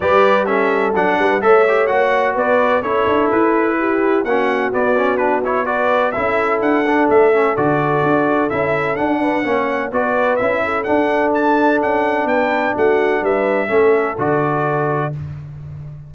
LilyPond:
<<
  \new Staff \with { instrumentName = "trumpet" } { \time 4/4 \tempo 4 = 127 d''4 e''4 fis''4 e''4 | fis''4 d''4 cis''4 b'4~ | b'4 fis''4 d''4 b'8 cis''8 | d''4 e''4 fis''4 e''4 |
d''2 e''4 fis''4~ | fis''4 d''4 e''4 fis''4 | a''4 fis''4 g''4 fis''4 | e''2 d''2 | }
  \new Staff \with { instrumentName = "horn" } { \time 4/4 b'4 a'4. b'8 cis''4~ | cis''4 b'4 a'2 | g'4 fis'2. | b'4 a'2.~ |
a'2.~ a'8 b'8 | cis''4 b'4. a'4.~ | a'2 b'4 fis'4 | b'4 a'2. | }
  \new Staff \with { instrumentName = "trombone" } { \time 4/4 g'4 cis'4 d'4 a'8 g'8 | fis'2 e'2~ | e'4 cis'4 b8 cis'8 d'8 e'8 | fis'4 e'4. d'4 cis'8 |
fis'2 e'4 d'4 | cis'4 fis'4 e'4 d'4~ | d'1~ | d'4 cis'4 fis'2 | }
  \new Staff \with { instrumentName = "tuba" } { \time 4/4 g2 fis8 g8 a4 | ais4 b4 cis'8 d'8 e'4~ | e'4 ais4 b2~ | b4 cis'4 d'4 a4 |
d4 d'4 cis'4 d'4 | ais4 b4 cis'4 d'4~ | d'4 cis'4 b4 a4 | g4 a4 d2 | }
>>